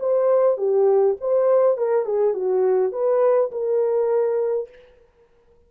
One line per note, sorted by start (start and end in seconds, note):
0.00 0.57 C5
0.57 1.16 G4
1.21 1.78 C5
1.78 2.06 A#4
2.06 2.34 G#4
2.34 2.93 F#4
2.93 3.51 B4
3.52 4.69 A#4